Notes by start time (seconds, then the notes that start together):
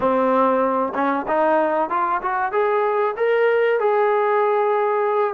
0.00 C4
0.94 C#4
1.27 D#4
1.89 F4
2.21 F#4
2.52 G#4
3.16 A#4
3.79 G#4